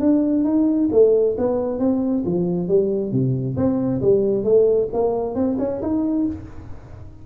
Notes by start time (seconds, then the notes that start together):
0.00 D4
0.44 D#4
0.92 A3
1.38 B3
1.79 C4
2.25 F3
2.68 G3
3.12 C3
3.57 C4
4.02 G3
4.44 A3
4.93 A#3
5.35 C4
5.59 C#4
5.82 D#4